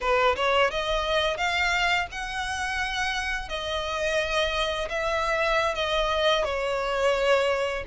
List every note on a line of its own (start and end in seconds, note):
0.00 0.35 B4
0.36 0.70 C#5
0.70 1.37 D#5
1.37 2.06 F5
2.11 3.49 F#5
3.49 4.88 D#5
4.89 5.75 E5
5.75 6.44 D#5
6.44 7.84 C#5